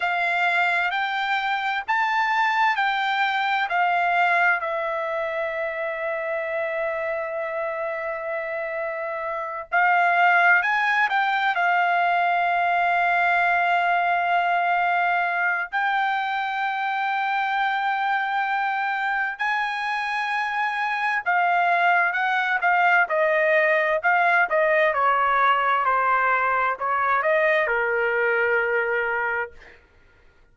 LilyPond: \new Staff \with { instrumentName = "trumpet" } { \time 4/4 \tempo 4 = 65 f''4 g''4 a''4 g''4 | f''4 e''2.~ | e''2~ e''8 f''4 gis''8 | g''8 f''2.~ f''8~ |
f''4 g''2.~ | g''4 gis''2 f''4 | fis''8 f''8 dis''4 f''8 dis''8 cis''4 | c''4 cis''8 dis''8 ais'2 | }